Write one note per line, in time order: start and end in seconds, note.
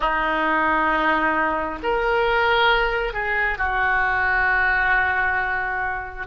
0.00 1.78 D#4
1.82 3.13 A#4
3.13 3.57 G#4
3.58 6.26 F#4